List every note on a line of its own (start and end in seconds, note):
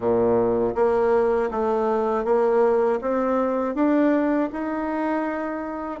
0.00 0.75 A#2
0.75 1.50 A#3
1.50 2.24 A3
2.24 2.99 A#3
3.01 3.74 C4
3.74 4.49 D4
4.52 6.00 D#4